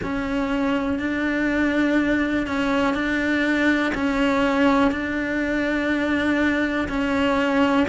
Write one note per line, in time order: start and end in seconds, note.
0.03 0.99 C#4
0.99 2.46 D4
2.46 2.94 C#4
2.94 3.92 D4
3.94 4.91 C#4
4.91 6.88 D4
6.88 7.86 C#4